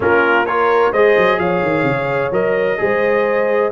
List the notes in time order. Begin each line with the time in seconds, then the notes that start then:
0.00 A#3 C#4 F4 A#4
0.46 F4 A#4 C#5
0.91 G#3 G#4 C5 D#5
1.17 F#3
1.38 F3 C#5 F5
1.62 D#3
1.83 C#3
2.31 F#3 A#4 D#5
2.77 G#3 G#4 C5